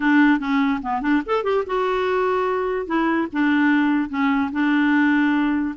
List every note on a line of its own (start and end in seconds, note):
0.00 0.39 D4
0.39 0.80 C#4
0.82 1.01 B3
1.01 1.22 D4
1.26 1.43 A4
1.43 1.64 G4
1.66 2.86 F#4
2.86 3.27 E4
3.32 4.09 D4
4.09 4.50 C#4
4.52 5.75 D4